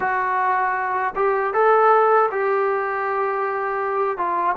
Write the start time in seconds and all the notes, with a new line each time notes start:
0.00 F#4
1.15 G4
1.53 A4
2.31 G4
4.17 F4